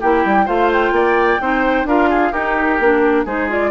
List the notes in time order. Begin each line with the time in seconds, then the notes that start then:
0.00 A#3 E4 G4 G5
0.25 G3
0.45 A3 F4 C5 F5
0.72 G5
0.91 A#3 D5
1.40 C4 D#4 C5
1.84 D4 F4 A#4 F5
2.09 G#4
2.32 D#4 G4 A#4
2.79 A#3 D4
3.25 G#3 D#4 G#4 C5
3.49 F4 D5